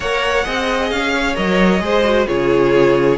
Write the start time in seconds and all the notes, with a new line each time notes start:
0.00 A#3 A#4 C#5 F#5
0.44 C4 G#4 D#5
0.90 C#4 F5
1.14 C#5
1.35 F#3 A#4 D#5
1.79 G#3 G#4 C5
2.04 F#4
2.27 C#3 F4 G#4 C#5